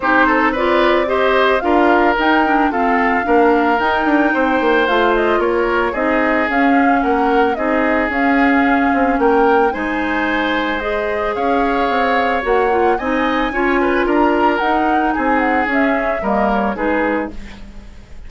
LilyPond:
<<
  \new Staff \with { instrumentName = "flute" } { \time 4/4 \tempo 4 = 111 c''4 d''4 dis''4 f''4 | g''4 f''2 g''4~ | g''4 f''8 dis''8 cis''4 dis''4 | f''4 fis''4 dis''4 f''4~ |
f''4 g''4 gis''2 | dis''4 f''2 fis''4 | gis''2 ais''4 fis''4 | gis''8 fis''8 e''4 dis''8 cis''8 b'4 | }
  \new Staff \with { instrumentName = "oboe" } { \time 4/4 g'8 a'8 b'4 c''4 ais'4~ | ais'4 a'4 ais'2 | c''2 ais'4 gis'4~ | gis'4 ais'4 gis'2~ |
gis'4 ais'4 c''2~ | c''4 cis''2. | dis''4 cis''8 b'8 ais'2 | gis'2 ais'4 gis'4 | }
  \new Staff \with { instrumentName = "clarinet" } { \time 4/4 dis'4 f'4 g'4 f'4 | dis'8 d'8 c'4 d'4 dis'4~ | dis'4 f'2 dis'4 | cis'2 dis'4 cis'4~ |
cis'2 dis'2 | gis'2. fis'8 f'8 | dis'4 f'2 dis'4~ | dis'4 cis'4 ais4 dis'4 | }
  \new Staff \with { instrumentName = "bassoon" } { \time 4/4 c'2. d'4 | dis'4 f'4 ais4 dis'8 d'8 | c'8 ais8 a4 ais4 c'4 | cis'4 ais4 c'4 cis'4~ |
cis'8 c'8 ais4 gis2~ | gis4 cis'4 c'4 ais4 | c'4 cis'4 d'4 dis'4 | c'4 cis'4 g4 gis4 | }
>>